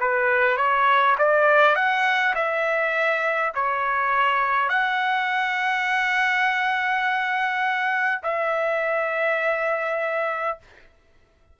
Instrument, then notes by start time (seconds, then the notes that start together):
trumpet
0.00 B4
0.57 C#5
1.18 D5
1.75 F#5
2.34 E5
3.54 C#5
4.68 F#5
8.22 E5